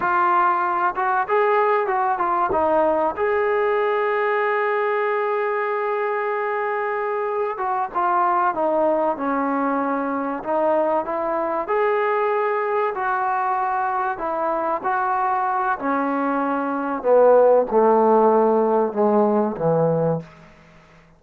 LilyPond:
\new Staff \with { instrumentName = "trombone" } { \time 4/4 \tempo 4 = 95 f'4. fis'8 gis'4 fis'8 f'8 | dis'4 gis'2.~ | gis'1 | fis'8 f'4 dis'4 cis'4.~ |
cis'8 dis'4 e'4 gis'4.~ | gis'8 fis'2 e'4 fis'8~ | fis'4 cis'2 b4 | a2 gis4 e4 | }